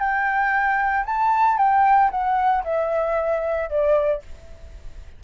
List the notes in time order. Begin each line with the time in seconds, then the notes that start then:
0.00 G5
1.06 A5
1.58 G5
2.11 F#5
2.65 E5
3.70 D5